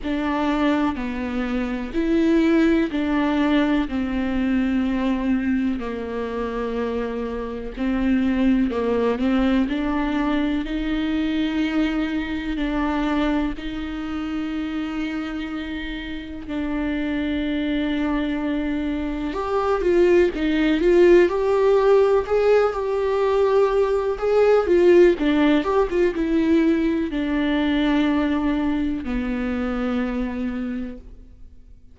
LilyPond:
\new Staff \with { instrumentName = "viola" } { \time 4/4 \tempo 4 = 62 d'4 b4 e'4 d'4 | c'2 ais2 | c'4 ais8 c'8 d'4 dis'4~ | dis'4 d'4 dis'2~ |
dis'4 d'2. | g'8 f'8 dis'8 f'8 g'4 gis'8 g'8~ | g'4 gis'8 f'8 d'8 g'16 f'16 e'4 | d'2 b2 | }